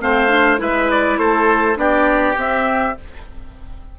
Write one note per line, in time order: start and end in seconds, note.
0.00 0.60 A3
0.00 0.28 C4
0.00 0.61 C5
0.00 0.61 F5
0.28 0.58 D4
0.58 1.18 G#3
0.58 1.76 E4
0.58 1.19 B4
0.58 0.91 E5
0.91 1.19 D5
1.18 1.77 A3
1.18 1.78 A4
1.18 1.78 C5
1.76 2.36 B3
1.76 2.35 D4
1.76 2.98 G4
1.76 2.38 D5
2.36 2.95 C4
2.36 2.96 C4
2.36 3.00 E5